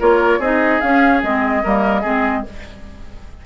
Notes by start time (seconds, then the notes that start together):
0.00 A#3 F4 A#4 C#5
0.39 C4 D#4 G#4 D#5
0.81 C#4 F5
1.23 G#3 C4 D#5
1.64 G3 A#3 A#4
2.01 G#3 C4 G#4